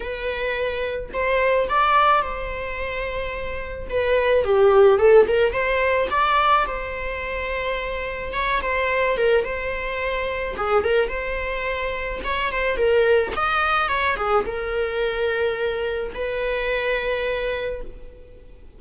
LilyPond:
\new Staff \with { instrumentName = "viola" } { \time 4/4 \tempo 4 = 108 b'2 c''4 d''4 | c''2. b'4 | g'4 a'8 ais'8 c''4 d''4 | c''2. cis''8 c''8~ |
c''8 ais'8 c''2 gis'8 ais'8 | c''2 cis''8 c''8 ais'4 | dis''4 cis''8 gis'8 ais'2~ | ais'4 b'2. | }